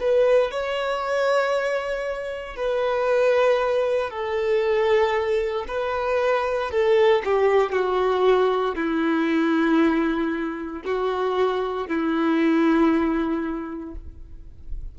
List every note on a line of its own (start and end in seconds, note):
0.00 0.51 B4
0.51 2.56 C#5
2.56 4.10 B4
4.10 5.65 A4
5.68 6.71 B4
6.71 7.23 A4
7.25 7.72 G4
7.72 8.76 F#4
8.76 10.82 E4
10.85 11.88 F#4
11.88 13.95 E4